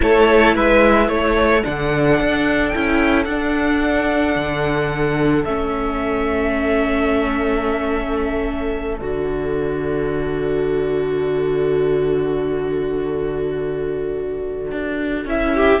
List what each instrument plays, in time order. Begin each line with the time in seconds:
0.00 cello A3, viola E4, violin A4 C#5
0.55 cello G#3, violin B4 E5
1.08 cello A3, violin A4 C#5
1.61 cello D3, viola D4, violin F#5
2.19 cello D4
2.68 viola E4, violin G5
2.75 cello C#4
3.25 cello D4, viola D4, violin F#5
4.35 cello D3
5.44 cello A3, viola C#4, violin E5
8.97 cello D3, viola F#4, violin D5
14.71 cello D4
15.25 cello C#4, viola E4, violin E5
15.54 violin G4